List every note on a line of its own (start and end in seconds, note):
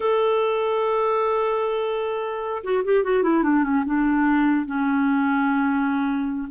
0.00 2.62 A4
2.63 2.83 F#4
2.84 3.03 G4
3.03 3.22 F#4
3.22 3.43 E4
3.43 3.63 D4
3.63 3.83 C#4
3.85 4.65 D4
4.65 6.48 C#4